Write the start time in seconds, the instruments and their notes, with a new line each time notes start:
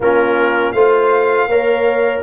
0.00 tuba A#3, trombone C#4, horn F4, trumpet A#4
0.72 tuba A3, trombone F4, horn C5, trumpet F5
1.47 tuba A#3, trombone A#4, horn C#5